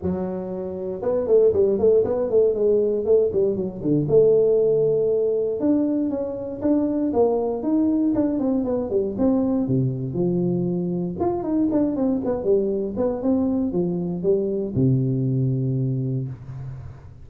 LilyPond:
\new Staff \with { instrumentName = "tuba" } { \time 4/4 \tempo 4 = 118 fis2 b8 a8 g8 a8 | b8 a8 gis4 a8 g8 fis8 d8 | a2. d'4 | cis'4 d'4 ais4 dis'4 |
d'8 c'8 b8 g8 c'4 c4 | f2 f'8 dis'8 d'8 c'8 | b8 g4 b8 c'4 f4 | g4 c2. | }